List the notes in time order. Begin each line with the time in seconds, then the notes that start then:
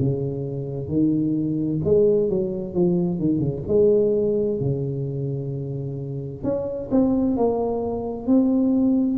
0.00 C#3
0.89 D#3
1.85 G#3
2.30 F#3
2.74 F3
3.19 D#3
3.40 C#3
3.68 G#3
4.60 C#3
6.44 C#4
6.91 C4
7.37 A#3
8.27 C4